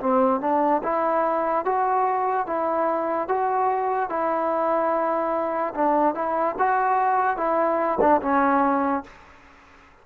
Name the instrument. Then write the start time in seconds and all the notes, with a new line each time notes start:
trombone
0.00 C4
0.40 D4
0.83 E4
1.65 F#4
2.47 E4
3.28 F#4
4.09 E4
5.74 D4
6.14 E4
6.59 F#4
7.37 E4
8.00 D4
8.22 C#4